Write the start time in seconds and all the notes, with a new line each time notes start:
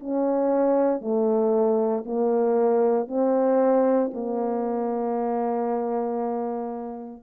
0.00 C#4
1.01 A3
2.05 A#3
3.08 C4
4.14 A#3